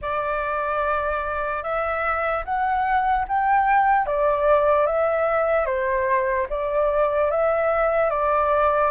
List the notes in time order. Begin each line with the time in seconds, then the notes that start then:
0.01 D5
1.63 E5
2.44 F#5
3.28 G5
4.06 D5
4.86 E5
5.65 C5
6.49 D5
7.30 E5
8.10 D5